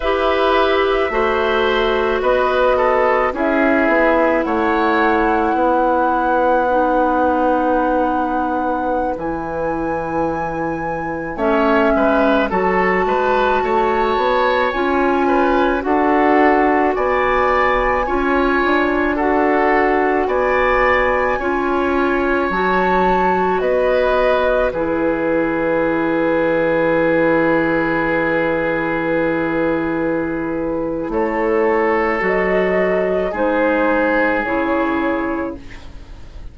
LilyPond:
<<
  \new Staff \with { instrumentName = "flute" } { \time 4/4 \tempo 4 = 54 e''2 dis''4 e''4 | fis''1~ | fis''16 gis''2 e''4 a''8.~ | a''4~ a''16 gis''4 fis''4 gis''8.~ |
gis''4~ gis''16 fis''4 gis''4.~ gis''16~ | gis''16 a''4 dis''4 b'4.~ b'16~ | b'1 | cis''4 dis''4 c''4 cis''4 | }
  \new Staff \with { instrumentName = "oboe" } { \time 4/4 b'4 c''4 b'8 a'8 gis'4 | cis''4 b'2.~ | b'2~ b'16 cis''8 b'8 a'8 b'16~ | b'16 cis''4. b'8 a'4 d''8.~ |
d''16 cis''4 a'4 d''4 cis''8.~ | cis''4~ cis''16 b'4 gis'4.~ gis'16~ | gis'1 | a'2 gis'2 | }
  \new Staff \with { instrumentName = "clarinet" } { \time 4/4 g'4 fis'2 e'4~ | e'2 dis'2~ | dis'16 e'2 cis'4 fis'8.~ | fis'4~ fis'16 f'4 fis'4.~ fis'16~ |
fis'16 f'4 fis'2 f'8.~ | f'16 fis'2 e'4.~ e'16~ | e'1~ | e'4 fis'4 dis'4 e'4 | }
  \new Staff \with { instrumentName = "bassoon" } { \time 4/4 e'4 a4 b4 cis'8 b8 | a4 b2.~ | b16 e2 a8 gis8 fis8 gis16~ | gis16 a8 b8 cis'4 d'4 b8.~ |
b16 cis'8 d'4. b4 cis'8.~ | cis'16 fis4 b4 e4.~ e16~ | e1 | a4 fis4 gis4 cis4 | }
>>